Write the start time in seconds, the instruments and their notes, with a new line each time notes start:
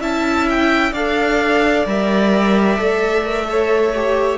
0.00 cello C#4, viola E4, violin E5 A5
0.49 violin G5
0.92 cello D4, viola A4, violin D5 F5
1.86 cello G3, viola A#4, violin E5
2.77 cello A3, viola A4
3.25 viola A#4
3.45 viola A4, violin C#5
3.95 viola G4